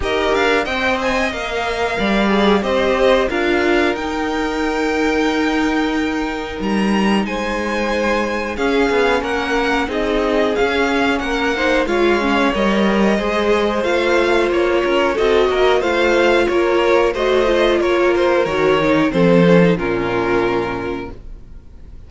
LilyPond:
<<
  \new Staff \with { instrumentName = "violin" } { \time 4/4 \tempo 4 = 91 dis''8 f''8 g''8 gis''8 f''2 | dis''4 f''4 g''2~ | g''2 ais''4 gis''4~ | gis''4 f''4 fis''4 dis''4 |
f''4 fis''4 f''4 dis''4~ | dis''4 f''4 cis''4 dis''4 | f''4 cis''4 dis''4 cis''8 c''8 | cis''4 c''4 ais'2 | }
  \new Staff \with { instrumentName = "violin" } { \time 4/4 ais'4 dis''2 d''4 | c''4 ais'2.~ | ais'2. c''4~ | c''4 gis'4 ais'4 gis'4~ |
gis'4 ais'8 c''8 cis''2 | c''2~ c''8 ais'8 a'8 ais'8 | c''4 ais'4 c''4 ais'4~ | ais'4 a'4 f'2 | }
  \new Staff \with { instrumentName = "viola" } { \time 4/4 g'4 c''4 ais'4. gis'8 | g'4 f'4 dis'2~ | dis'1~ | dis'4 cis'2 dis'4 |
cis'4. dis'8 f'8 cis'8 ais'4 | gis'4 f'2 fis'4 | f'2 fis'8 f'4. | fis'8 dis'8 c'8 cis'16 dis'16 cis'2 | }
  \new Staff \with { instrumentName = "cello" } { \time 4/4 dis'8 d'8 c'4 ais4 g4 | c'4 d'4 dis'2~ | dis'2 g4 gis4~ | gis4 cis'8 b8 ais4 c'4 |
cis'4 ais4 gis4 g4 | gis4 a4 ais8 cis'8 c'8 ais8 | a4 ais4 a4 ais4 | dis4 f4 ais,2 | }
>>